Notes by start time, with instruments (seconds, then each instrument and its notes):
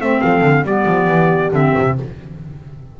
0.00 double bass A3, clarinet C4, horn C5, trumpet E5
0.21 double bass F3, horn A4, trumpet F5
0.41 double bass D3
0.63 double bass G3, clarinet B3, horn G4, trumpet D5
0.86 double bass F3
1.08 double bass E3
1.51 double bass D3, clarinet C4, trumpet E5
1.78 double bass C3